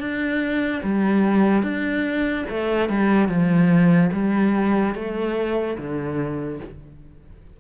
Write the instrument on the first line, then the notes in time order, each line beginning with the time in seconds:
cello
0.00 D4
0.83 G3
1.63 D4
2.50 A3
2.90 G3
3.28 F3
4.13 G3
4.95 A3
5.78 D3